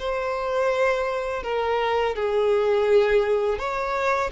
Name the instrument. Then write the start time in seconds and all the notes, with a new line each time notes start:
violin
0.00 C5
1.43 A#4
2.16 G#4
3.59 C#5